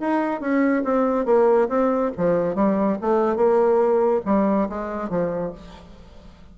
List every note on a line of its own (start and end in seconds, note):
0.00 0.40 D#4
0.40 0.83 C#4
0.84 1.25 C4
1.25 1.68 A#3
1.68 2.11 C4
2.17 2.55 F3
2.55 2.97 G3
3.01 3.36 A3
3.36 4.21 A#3
4.25 4.68 G3
4.69 5.09 G#3
5.09 5.52 F3